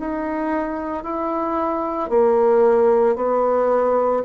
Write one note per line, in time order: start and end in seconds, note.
0.00 1.04 D#4
1.04 2.10 E4
2.10 3.16 A#3
3.16 4.23 B3